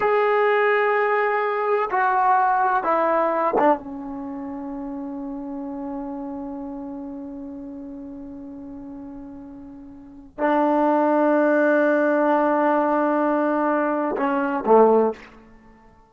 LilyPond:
\new Staff \with { instrumentName = "trombone" } { \time 4/4 \tempo 4 = 127 gis'1 | fis'2 e'4. d'8 | cis'1~ | cis'1~ |
cis'1~ | cis'2 d'2~ | d'1~ | d'2 cis'4 a4 | }